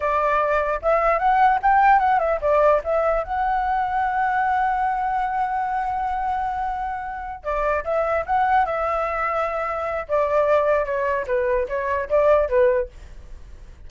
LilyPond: \new Staff \with { instrumentName = "flute" } { \time 4/4 \tempo 4 = 149 d''2 e''4 fis''4 | g''4 fis''8 e''8 d''4 e''4 | fis''1~ | fis''1~ |
fis''2~ fis''8 d''4 e''8~ | e''8 fis''4 e''2~ e''8~ | e''4 d''2 cis''4 | b'4 cis''4 d''4 b'4 | }